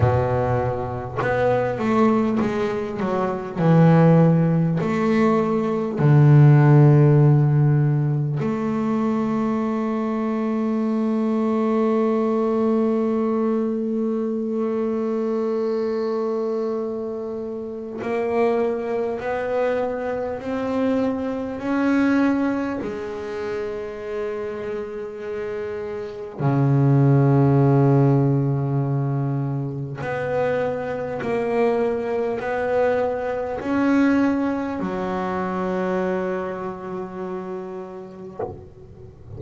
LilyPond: \new Staff \with { instrumentName = "double bass" } { \time 4/4 \tempo 4 = 50 b,4 b8 a8 gis8 fis8 e4 | a4 d2 a4~ | a1~ | a2. ais4 |
b4 c'4 cis'4 gis4~ | gis2 cis2~ | cis4 b4 ais4 b4 | cis'4 fis2. | }